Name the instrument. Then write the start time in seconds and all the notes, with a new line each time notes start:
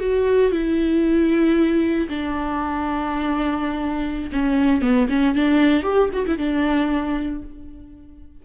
viola
0.00 F#4
0.52 E4
2.09 D4
4.32 C#4
4.82 B3
5.10 C#4
5.35 D4
5.83 G4
6.13 F#4
6.27 E4
6.38 D4